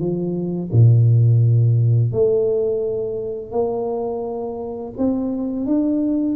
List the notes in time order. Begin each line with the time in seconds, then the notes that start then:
0.00 F3
0.73 A#2
2.13 A3
3.52 A#3
4.98 C4
5.66 D4